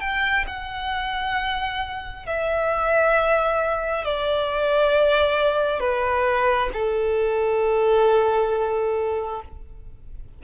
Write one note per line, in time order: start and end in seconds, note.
0.00 0.45 G5
0.47 2.26 F#5
2.26 4.04 E5
4.04 5.79 D5
5.79 6.69 B4
6.72 9.41 A4